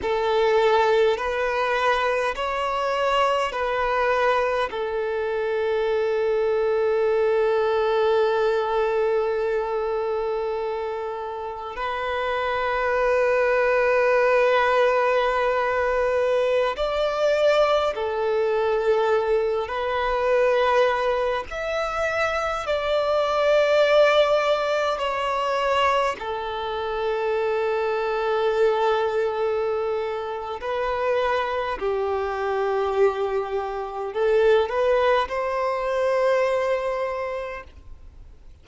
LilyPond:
\new Staff \with { instrumentName = "violin" } { \time 4/4 \tempo 4 = 51 a'4 b'4 cis''4 b'4 | a'1~ | a'2 b'2~ | b'2~ b'16 d''4 a'8.~ |
a'8. b'4. e''4 d''8.~ | d''4~ d''16 cis''4 a'4.~ a'16~ | a'2 b'4 g'4~ | g'4 a'8 b'8 c''2 | }